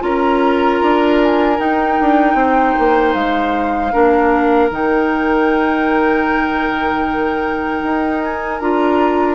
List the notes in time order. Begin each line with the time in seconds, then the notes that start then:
0.00 C#4 F4 A#4 A#5
0.81 D4
1.22 G#5
1.57 D#4 G5
2.00 D4
2.34 C4 C5
2.78 A#3
3.13 G#3 F5
3.91 A#3 D4 A#4
4.70 D#3 D#4 G5
7.82 D#4
8.23 G#5
8.59 D4 F4 A#5